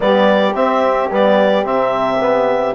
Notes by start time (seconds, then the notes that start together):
0.00 G3 B3 G4 D5
0.54 C4 E5
1.11 G3 B3 D5
1.64 C3 C4 E5
2.20 B3